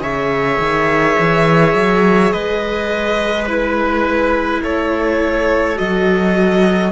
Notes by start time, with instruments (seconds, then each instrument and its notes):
0.00 cello C#3, viola G#4, trumpet C#5, violin E5
0.58 cello D#3
1.18 cello E3
1.74 cello F#3
2.32 cello G#3, trumpet B4, violin D#5
3.45 viola E4, violin B4
4.62 cello A3, trumpet A4, violin C#5
5.76 cello F#3, viola F#4, violin D#5